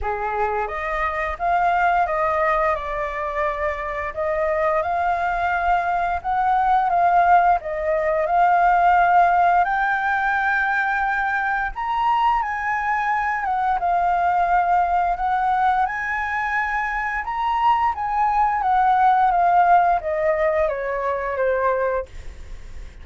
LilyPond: \new Staff \with { instrumentName = "flute" } { \time 4/4 \tempo 4 = 87 gis'4 dis''4 f''4 dis''4 | d''2 dis''4 f''4~ | f''4 fis''4 f''4 dis''4 | f''2 g''2~ |
g''4 ais''4 gis''4. fis''8 | f''2 fis''4 gis''4~ | gis''4 ais''4 gis''4 fis''4 | f''4 dis''4 cis''4 c''4 | }